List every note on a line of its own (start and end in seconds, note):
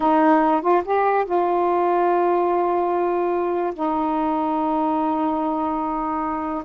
0.00 0.61 D#4
0.61 0.82 F4
0.84 1.25 G4
1.25 3.73 F4
3.74 6.63 D#4